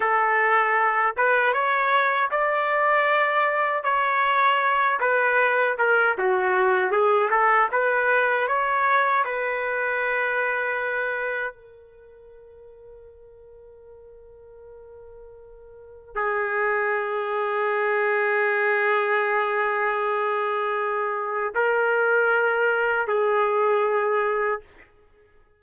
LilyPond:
\new Staff \with { instrumentName = "trumpet" } { \time 4/4 \tempo 4 = 78 a'4. b'8 cis''4 d''4~ | d''4 cis''4. b'4 ais'8 | fis'4 gis'8 a'8 b'4 cis''4 | b'2. ais'4~ |
ais'1~ | ais'4 gis'2.~ | gis'1 | ais'2 gis'2 | }